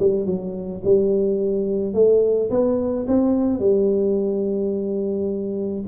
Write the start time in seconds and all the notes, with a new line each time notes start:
0.00 G3
0.26 F#3
0.85 G3
1.94 A3
2.51 B3
3.08 C4
3.60 G3